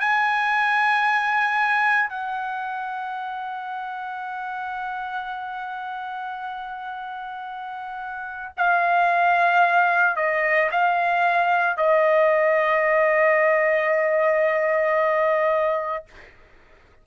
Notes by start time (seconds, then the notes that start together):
0.00 G#5
2.10 F#5
8.57 F5
10.16 D#5
10.71 F5
11.77 D#5